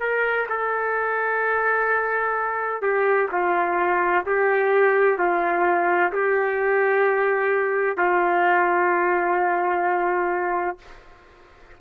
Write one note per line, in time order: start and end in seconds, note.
0.00 0.47 A#4
0.49 2.83 A4
2.83 3.29 G4
3.32 4.26 F4
4.26 5.19 G4
5.19 6.12 F4
6.13 7.97 G4
7.97 10.79 F4